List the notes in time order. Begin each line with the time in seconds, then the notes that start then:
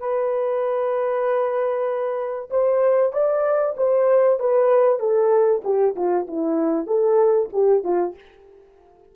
0.00 B4
2.51 C5
3.13 D5
3.78 C5
4.40 B4
5.00 A4
5.64 G4
5.96 F4
6.28 E4
6.87 A4
7.53 G4
7.84 F4